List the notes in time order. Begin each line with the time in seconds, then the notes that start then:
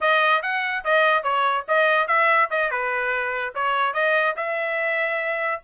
0.00 D#5
0.42 F#5
0.84 D#5
1.23 C#5
1.68 D#5
2.07 E5
2.50 D#5
2.70 B4
3.54 C#5
3.93 D#5
4.36 E5